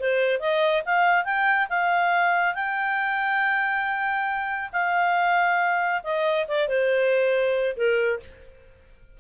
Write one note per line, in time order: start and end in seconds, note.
0.00 0.40 C5
0.40 0.83 D#5
0.86 1.25 F5
1.25 1.68 G5
1.70 2.55 F5
2.55 4.71 G5
4.73 6.02 F5
6.04 6.47 D#5
6.48 6.68 D5
6.68 7.76 C5
7.77 8.20 A#4